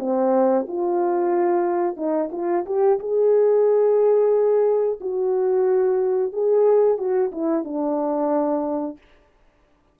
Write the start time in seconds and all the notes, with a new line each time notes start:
0.00 C4
0.68 F4
1.97 D#4
2.32 F4
2.66 G4
3.00 G#4
5.01 F#4
6.33 G#4
6.98 F#4
7.32 E4
7.65 D4